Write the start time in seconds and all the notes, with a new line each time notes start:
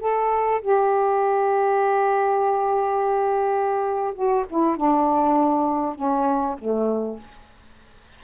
0.00 A4
0.62 G4
4.15 F#4
4.50 E4
4.77 D4
5.95 C#4
6.59 A3